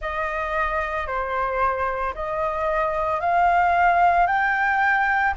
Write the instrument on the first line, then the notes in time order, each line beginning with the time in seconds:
flute
0.00 D#5
1.07 C5
2.14 D#5
3.20 F5
4.27 G5